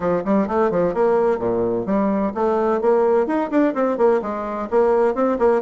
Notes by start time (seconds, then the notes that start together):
0.00 F3
0.25 G3
0.47 A3
0.70 F3
0.94 A#3
1.38 A#2
1.86 G3
2.34 A3
2.81 A#3
3.26 D#4
3.50 D4
3.74 C4
3.97 A#3
4.21 G#3
4.70 A#3
5.14 C4
5.38 A#3